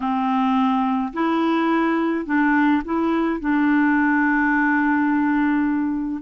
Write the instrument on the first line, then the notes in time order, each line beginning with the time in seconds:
clarinet
0.00 C4
1.13 E4
2.25 D4
2.85 E4
3.40 D4